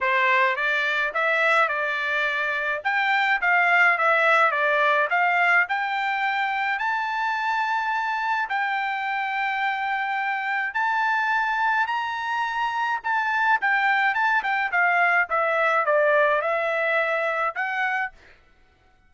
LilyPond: \new Staff \with { instrumentName = "trumpet" } { \time 4/4 \tempo 4 = 106 c''4 d''4 e''4 d''4~ | d''4 g''4 f''4 e''4 | d''4 f''4 g''2 | a''2. g''4~ |
g''2. a''4~ | a''4 ais''2 a''4 | g''4 a''8 g''8 f''4 e''4 | d''4 e''2 fis''4 | }